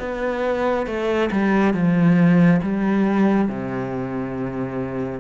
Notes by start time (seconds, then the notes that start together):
0.00 B3
0.87 A3
1.32 G3
1.74 F3
2.62 G3
3.49 C3